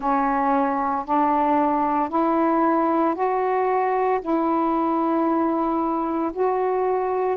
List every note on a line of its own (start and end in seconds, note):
0.00 1.05 C#4
1.05 2.09 D4
2.09 3.14 E4
3.14 4.20 F#4
4.21 6.31 E4
6.33 7.37 F#4